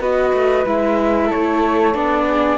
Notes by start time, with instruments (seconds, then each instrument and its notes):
0.00 cello B3, viola F#4, flute B4 D#5
0.34 cello A3
0.66 cello G#3, viola E4, flute E5
1.28 flute A4 C#5
1.35 cello A3
1.94 cello B3, viola D4, flute D5
2.28 flute G#4